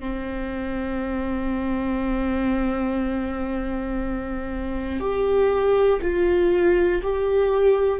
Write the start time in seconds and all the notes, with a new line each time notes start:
0.00 C4
5.00 G4
6.02 F4
7.03 G4